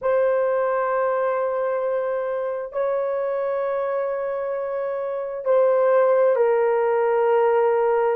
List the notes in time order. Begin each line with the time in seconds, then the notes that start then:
0.01 C5
2.72 C#5
5.45 C5
6.36 A#4